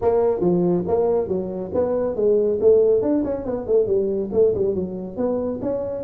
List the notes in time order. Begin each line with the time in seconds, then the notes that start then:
0.01 A#3
0.40 F3
0.87 A#3
1.28 F#3
1.74 B3
2.15 G#3
2.60 A3
3.02 D4
3.24 C#4
3.45 B3
3.67 A3
3.87 G3
4.32 A3
4.54 G3
4.74 F#3
5.16 B3
5.62 C#4